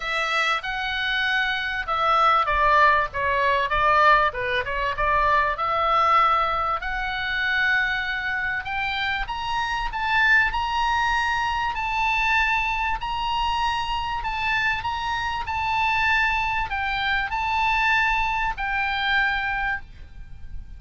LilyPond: \new Staff \with { instrumentName = "oboe" } { \time 4/4 \tempo 4 = 97 e''4 fis''2 e''4 | d''4 cis''4 d''4 b'8 cis''8 | d''4 e''2 fis''4~ | fis''2 g''4 ais''4 |
a''4 ais''2 a''4~ | a''4 ais''2 a''4 | ais''4 a''2 g''4 | a''2 g''2 | }